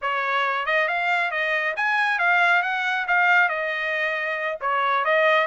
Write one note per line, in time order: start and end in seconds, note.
0.01 0.66 C#5
0.66 0.88 D#5
0.88 1.31 F5
1.31 1.74 D#5
1.76 2.18 G#5
2.18 2.62 F5
2.62 3.06 F#5
3.07 3.48 F5
3.48 4.58 D#5
4.61 5.04 C#5
5.05 5.47 D#5